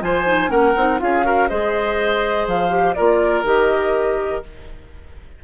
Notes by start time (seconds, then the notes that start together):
0.00 F3 F4 C5 G#5
0.26 D#4
0.48 A#3 C#4 A#4 F#5
0.76 C4 D#4
0.98 C#4 F4 G#4 F5
1.23 F#4 A#4
1.48 G#3 G#4 C5 D#5
2.46 F3 F5
2.69 G4
2.94 A#3 F4 A#4 D5
3.43 D#3 G4 D#5